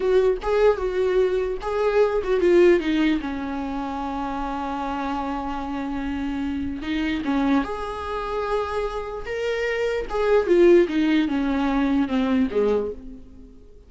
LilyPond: \new Staff \with { instrumentName = "viola" } { \time 4/4 \tempo 4 = 149 fis'4 gis'4 fis'2 | gis'4. fis'8 f'4 dis'4 | cis'1~ | cis'1~ |
cis'4 dis'4 cis'4 gis'4~ | gis'2. ais'4~ | ais'4 gis'4 f'4 dis'4 | cis'2 c'4 gis4 | }